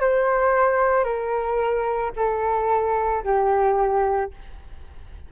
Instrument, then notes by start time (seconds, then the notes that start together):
flute
0.00 C5
1.04 A#4
2.16 A4
3.23 G4